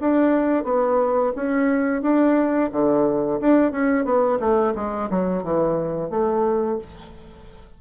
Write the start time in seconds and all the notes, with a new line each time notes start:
0.00 D4
0.64 B3
1.35 C#4
2.02 D4
2.71 D3
3.40 D4
3.72 C#4
4.04 B3
4.39 A3
4.75 G#3
5.10 F#3
5.43 E3
6.10 A3